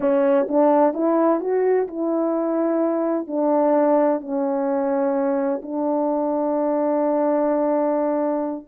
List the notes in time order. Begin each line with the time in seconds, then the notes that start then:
0.00 C#4
0.48 D4
0.93 E4
1.40 F#4
1.87 E4
3.27 D4
4.20 C#4
5.62 D4